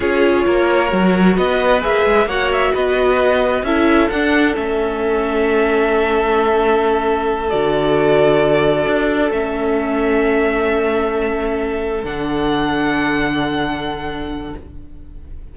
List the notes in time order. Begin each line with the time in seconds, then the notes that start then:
0.00 C#4 F4 G#4 C#5
0.45 A#3 A#4
0.88 F#3 F#4
1.35 B3 B4 D#5
1.81 A#3 G#4 E5
2.05 G#3
2.25 A#3 F#4 C#5 F#5
2.52 E5
2.73 B3 B4 D#5
3.62 C#4 E4 A4 E5
4.09 D4 F#5
4.53 A3 C#4 E5
7.49 D3 F#4 D5
8.86 D4
9.30 A3 C#4 E5
12.03 D3 D4 F#5